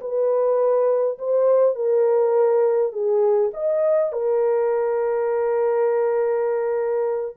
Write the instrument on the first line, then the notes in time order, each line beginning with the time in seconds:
horn
0.00 B4
1.18 C5
1.75 A#4
2.92 G#4
3.53 D#5
4.12 A#4